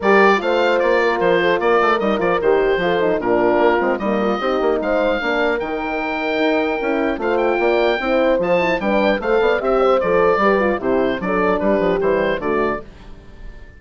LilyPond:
<<
  \new Staff \with { instrumentName = "oboe" } { \time 4/4 \tempo 4 = 150 d''4 f''4 d''4 c''4 | d''4 dis''8 d''8 c''2 | ais'2 dis''2 | f''2 g''2~ |
g''2 f''8 g''4.~ | g''4 a''4 g''4 f''4 | e''4 d''2 c''4 | d''4 b'4 c''4 d''4 | }
  \new Staff \with { instrumentName = "horn" } { \time 4/4 ais'4 c''4. ais'4 a'8 | ais'2. a'4 | f'2 dis'8 f'8 g'4 | c''4 ais'2.~ |
ais'2 c''4 d''4 | c''2 b'4 c''8 d''8 | e''8 c''4. b'4 g'4 | a'4 g'2 fis'4 | }
  \new Staff \with { instrumentName = "horn" } { \time 4/4 g'4 f'2.~ | f'4 dis'8 f'8 g'4 f'8 dis'8 | d'4. c'8 ais4 dis'4~ | dis'4 d'4 dis'2~ |
dis'4 e'4 f'2 | e'4 f'8 e'8 d'4 a'4 | g'4 a'4 g'8 f'8 e'4 | d'2 g4 a4 | }
  \new Staff \with { instrumentName = "bassoon" } { \time 4/4 g4 a4 ais4 f4 | ais8 a8 g8 f8 dis4 f4 | ais,4 ais8 gis8 g4 c'8 ais8 | gis4 ais4 dis2 |
dis'4 cis'4 a4 ais4 | c'4 f4 g4 a8 b8 | c'4 f4 g4 c4 | fis4 g8 f8 e4 d4 | }
>>